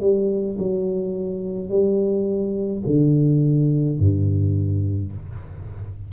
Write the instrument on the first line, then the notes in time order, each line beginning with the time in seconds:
tuba
0.00 G3
0.58 F#3
1.69 G3
2.86 D3
3.99 G2